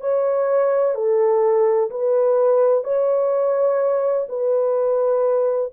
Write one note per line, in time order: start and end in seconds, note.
0.00 0.95 C#5
0.95 1.90 A4
1.90 2.84 B4
2.84 4.26 C#5
4.29 5.71 B4